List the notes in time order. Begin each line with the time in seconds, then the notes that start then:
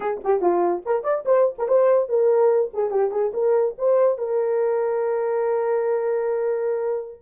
0.00 G#4
0.24 G4
0.41 F4
0.85 A#4
1.03 D5
1.25 C5
1.58 A#4
1.68 C5
2.09 A#4
2.73 G#4
2.90 G4
3.11 G#4
3.33 A#4
3.77 C5
4.18 A#4